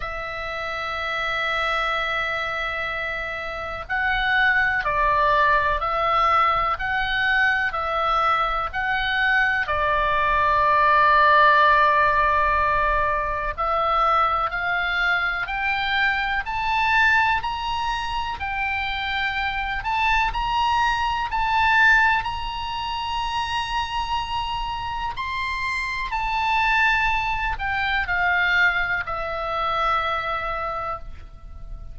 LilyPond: \new Staff \with { instrumentName = "oboe" } { \time 4/4 \tempo 4 = 62 e''1 | fis''4 d''4 e''4 fis''4 | e''4 fis''4 d''2~ | d''2 e''4 f''4 |
g''4 a''4 ais''4 g''4~ | g''8 a''8 ais''4 a''4 ais''4~ | ais''2 c'''4 a''4~ | a''8 g''8 f''4 e''2 | }